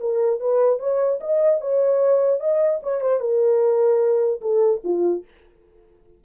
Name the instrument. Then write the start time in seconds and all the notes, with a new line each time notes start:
horn
0.00 A#4
0.40 B4
0.79 C#5
1.20 D#5
1.61 C#5
2.40 D#5
2.83 C#5
3.01 C5
3.20 A#4
4.41 A4
4.84 F4